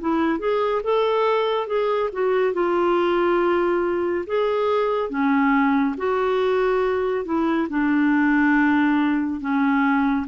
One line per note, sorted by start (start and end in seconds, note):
0.00 0.39 E4
0.39 0.82 G#4
0.83 1.67 A4
1.67 2.10 G#4
2.13 2.53 F#4
2.53 4.25 F4
4.26 5.10 G#4
5.10 5.95 C#4
5.97 7.25 F#4
7.25 7.68 E4
7.69 9.41 D4
9.41 10.26 C#4